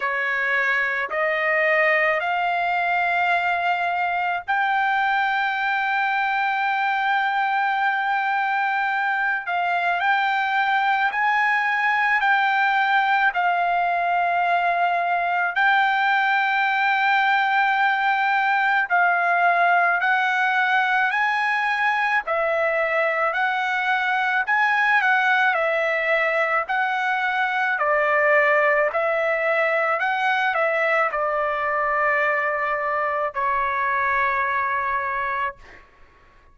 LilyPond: \new Staff \with { instrumentName = "trumpet" } { \time 4/4 \tempo 4 = 54 cis''4 dis''4 f''2 | g''1~ | g''8 f''8 g''4 gis''4 g''4 | f''2 g''2~ |
g''4 f''4 fis''4 gis''4 | e''4 fis''4 gis''8 fis''8 e''4 | fis''4 d''4 e''4 fis''8 e''8 | d''2 cis''2 | }